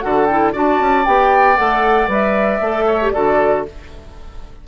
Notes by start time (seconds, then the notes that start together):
0.00 D3 F#4 A4 F#5
0.26 E4 G5
0.53 D4 F#4 D5 A5
0.80 C#4
1.05 B3 G4 G5
1.57 A3 A4 F#5
2.08 G3 B4 E5
2.61 A3 A4
2.87 C#5
3.02 G4
3.10 D3 F#4 A4 D5